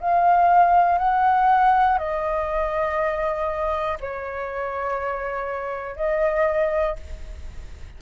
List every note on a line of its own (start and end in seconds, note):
0.00 0.98 F5
0.98 1.98 F#5
1.99 3.99 D#5
4.00 5.96 C#5
5.96 6.96 D#5